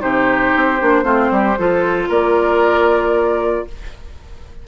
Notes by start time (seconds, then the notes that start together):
0.00 C3 D#4 G4 C5
0.56 C4
0.81 A#3 D4
1.03 A3 C4 F4
1.31 G3 G4
1.59 F3 F4 A4
2.09 A#3 A#4 D5